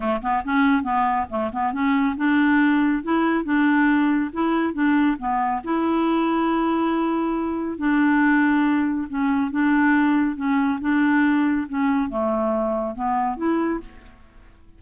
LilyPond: \new Staff \with { instrumentName = "clarinet" } { \time 4/4 \tempo 4 = 139 a8 b8 cis'4 b4 a8 b8 | cis'4 d'2 e'4 | d'2 e'4 d'4 | b4 e'2.~ |
e'2 d'2~ | d'4 cis'4 d'2 | cis'4 d'2 cis'4 | a2 b4 e'4 | }